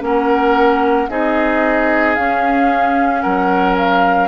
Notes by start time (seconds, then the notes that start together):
0.00 A#3 C#4 A#4 F#5
1.09 C4 D#4 G#4 D#5
2.14 C#4 F5
3.21 F#3 A#4 F#5
3.77 F5